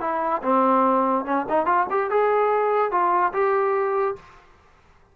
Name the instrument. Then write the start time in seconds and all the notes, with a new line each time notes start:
trombone
0.00 E4
0.42 C4
1.25 C#4
1.48 D#4
1.66 F4
1.90 G4
2.10 G#4
2.91 F4
3.33 G4